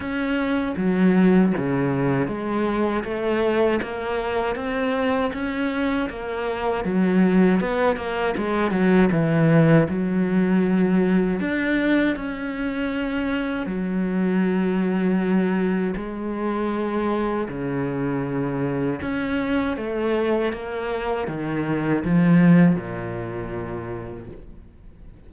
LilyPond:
\new Staff \with { instrumentName = "cello" } { \time 4/4 \tempo 4 = 79 cis'4 fis4 cis4 gis4 | a4 ais4 c'4 cis'4 | ais4 fis4 b8 ais8 gis8 fis8 | e4 fis2 d'4 |
cis'2 fis2~ | fis4 gis2 cis4~ | cis4 cis'4 a4 ais4 | dis4 f4 ais,2 | }